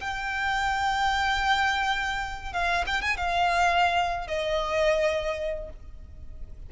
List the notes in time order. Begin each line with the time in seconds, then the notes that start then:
0.00 G5
2.53 F5
2.86 G5
3.01 G#5
3.17 F5
4.27 D#5